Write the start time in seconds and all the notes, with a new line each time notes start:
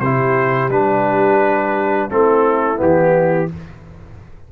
0.00 C3 E4 G4 C5
0.69 G3 D4 B4
2.10 A3 C4 E4 A4
2.76 E3 B3 G4